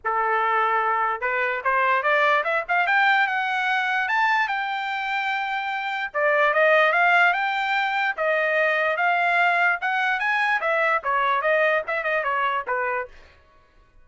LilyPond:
\new Staff \with { instrumentName = "trumpet" } { \time 4/4 \tempo 4 = 147 a'2. b'4 | c''4 d''4 e''8 f''8 g''4 | fis''2 a''4 g''4~ | g''2. d''4 |
dis''4 f''4 g''2 | dis''2 f''2 | fis''4 gis''4 e''4 cis''4 | dis''4 e''8 dis''8 cis''4 b'4 | }